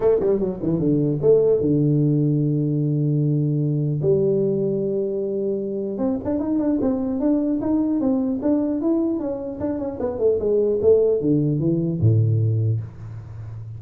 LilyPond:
\new Staff \with { instrumentName = "tuba" } { \time 4/4 \tempo 4 = 150 a8 g8 fis8 e8 d4 a4 | d1~ | d2 g2~ | g2. c'8 d'8 |
dis'8 d'8 c'4 d'4 dis'4 | c'4 d'4 e'4 cis'4 | d'8 cis'8 b8 a8 gis4 a4 | d4 e4 a,2 | }